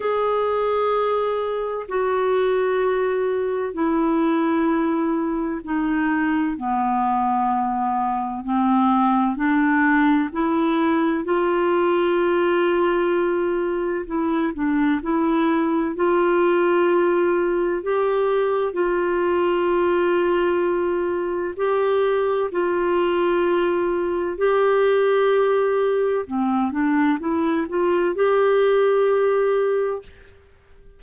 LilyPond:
\new Staff \with { instrumentName = "clarinet" } { \time 4/4 \tempo 4 = 64 gis'2 fis'2 | e'2 dis'4 b4~ | b4 c'4 d'4 e'4 | f'2. e'8 d'8 |
e'4 f'2 g'4 | f'2. g'4 | f'2 g'2 | c'8 d'8 e'8 f'8 g'2 | }